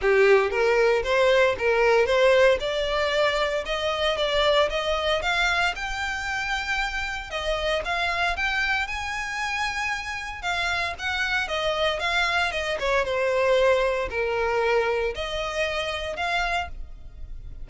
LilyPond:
\new Staff \with { instrumentName = "violin" } { \time 4/4 \tempo 4 = 115 g'4 ais'4 c''4 ais'4 | c''4 d''2 dis''4 | d''4 dis''4 f''4 g''4~ | g''2 dis''4 f''4 |
g''4 gis''2. | f''4 fis''4 dis''4 f''4 | dis''8 cis''8 c''2 ais'4~ | ais'4 dis''2 f''4 | }